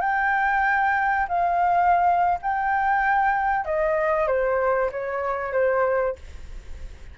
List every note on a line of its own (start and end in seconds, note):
0.00 1.26 G5
1.28 2.39 F5
2.42 3.65 G5
3.65 4.27 D#5
4.27 4.90 C5
4.91 5.52 C#5
5.52 6.15 C5